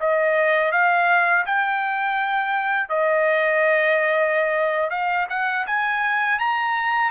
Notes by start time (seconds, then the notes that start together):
0.00 D#5
0.72 F5
1.46 G5
2.89 D#5
4.90 F5
5.29 F#5
5.67 G#5
6.39 A#5